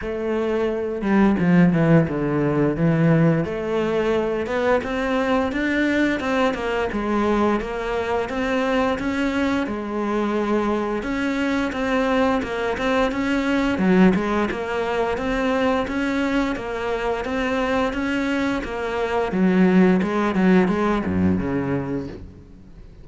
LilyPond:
\new Staff \with { instrumentName = "cello" } { \time 4/4 \tempo 4 = 87 a4. g8 f8 e8 d4 | e4 a4. b8 c'4 | d'4 c'8 ais8 gis4 ais4 | c'4 cis'4 gis2 |
cis'4 c'4 ais8 c'8 cis'4 | fis8 gis8 ais4 c'4 cis'4 | ais4 c'4 cis'4 ais4 | fis4 gis8 fis8 gis8 fis,8 cis4 | }